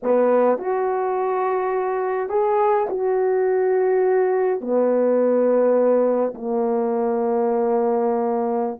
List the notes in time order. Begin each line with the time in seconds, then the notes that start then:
0.02 B3
0.58 F#4
2.29 G#4
2.89 F#4
4.60 B3
6.34 A#3